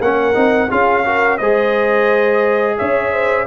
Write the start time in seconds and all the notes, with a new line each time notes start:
0.00 A#3 C#4 A#4 F#5
0.34 C4 D#4
0.70 C#4 F4 G#4 F5
1.04 F#4 A#4
1.37 G#3 G#4 C5 D#5
2.77 C#4 C#5 E5
3.12 C5